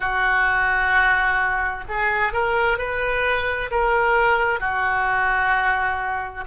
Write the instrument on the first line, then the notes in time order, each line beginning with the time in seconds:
oboe
0.00 F#4
1.88 G#4
2.32 A#4
2.78 B4
3.70 A#4
4.59 F#4